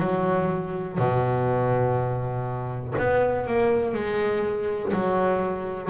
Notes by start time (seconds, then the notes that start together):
0.00 F#3
0.98 B2
2.98 B3
3.47 A#3
3.94 G#3
4.94 F#3